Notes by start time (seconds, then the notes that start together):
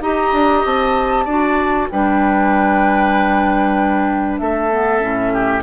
0.00 D#4 G4 D#5 A#5
0.32 D4
0.65 C4 A5
1.24 D4 F#4 D5
1.89 G3 D4 B4 G5
4.37 A3 A4 E5
4.70 B3
5.00 A2 C#4
5.33 G4